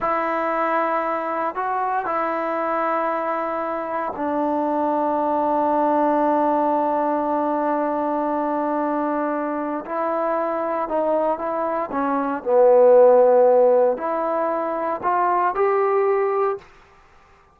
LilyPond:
\new Staff \with { instrumentName = "trombone" } { \time 4/4 \tempo 4 = 116 e'2. fis'4 | e'1 | d'1~ | d'1~ |
d'2. e'4~ | e'4 dis'4 e'4 cis'4 | b2. e'4~ | e'4 f'4 g'2 | }